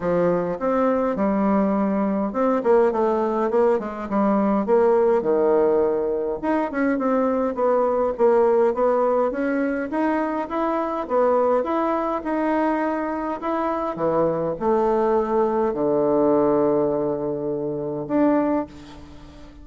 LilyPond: \new Staff \with { instrumentName = "bassoon" } { \time 4/4 \tempo 4 = 103 f4 c'4 g2 | c'8 ais8 a4 ais8 gis8 g4 | ais4 dis2 dis'8 cis'8 | c'4 b4 ais4 b4 |
cis'4 dis'4 e'4 b4 | e'4 dis'2 e'4 | e4 a2 d4~ | d2. d'4 | }